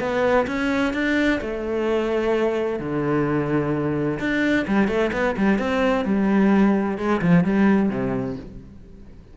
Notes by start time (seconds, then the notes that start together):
0.00 B3
0.47 C#4
0.94 D4
1.41 A3
2.80 D3
4.19 D4
4.68 G3
4.88 A3
5.13 B3
5.37 G3
5.59 C4
6.05 G3
6.98 G#3
7.22 F3
7.45 G3
7.90 C3